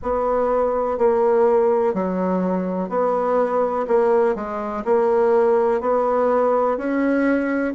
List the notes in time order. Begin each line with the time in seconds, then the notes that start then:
0.02 B3
0.98 A#3
1.94 F#3
2.89 B3
3.87 A#3
4.35 G#3
4.84 A#3
5.81 B3
6.77 C#4